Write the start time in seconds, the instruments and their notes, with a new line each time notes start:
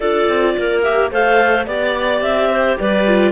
0.00 cello D4, viola F4, clarinet A4 D5
0.28 cello C4
0.57 cello A#3, clarinet A#4
0.83 viola G4, clarinet E5
1.11 cello A3, viola A4, clarinet C5 F5
1.66 cello B3, viola G4, clarinet D5
2.21 cello C4, clarinet E5
2.50 clarinet C5
2.79 cello G3, clarinet B4 D5
3.07 viola F4